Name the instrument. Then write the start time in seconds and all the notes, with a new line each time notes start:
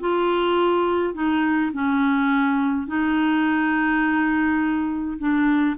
clarinet
0.00 F4
1.14 D#4
1.73 C#4
2.87 D#4
5.18 D4